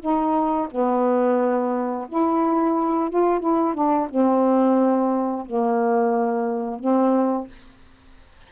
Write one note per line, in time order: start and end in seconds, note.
0.00 0.68 D#4
0.71 2.08 B3
2.09 3.10 E4
3.10 3.40 F4
3.40 3.74 E4
3.74 4.08 D4
4.10 5.46 C4
5.46 6.80 A#3
6.80 7.48 C4